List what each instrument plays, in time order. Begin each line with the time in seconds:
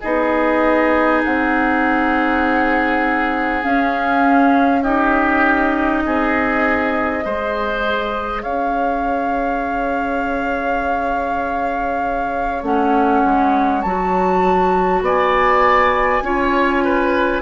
0.00 bassoon B3, clarinet D#4, oboe G#4, flute D#5
1.24 bassoon C4, flute F#5
3.62 clarinet C#4, bassoon C#4, flute F5
4.83 clarinet D#4, oboe G4, flute D#5
6.05 bassoon C4, oboe G#4
7.22 bassoon G#3, clarinet G#4, oboe C5
8.42 bassoon C#4, oboe C#5, flute F5
12.62 bassoon A3, clarinet C#4, flute F#5
13.25 bassoon G#3
13.82 bassoon F#3, clarinet F#4, flute A5
15.01 bassoon B3, oboe D5, flute G#5
16.22 bassoon C#4, clarinet F4, oboe C#5
16.84 oboe B4